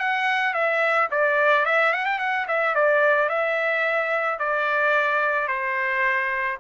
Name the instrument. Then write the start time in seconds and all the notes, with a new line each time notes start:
trumpet
0.00 F#5
0.54 E5
1.11 D5
1.65 E5
1.93 F#5
2.05 G5
2.19 F#5
2.48 E5
2.75 D5
3.29 E5
4.39 D5
5.48 C5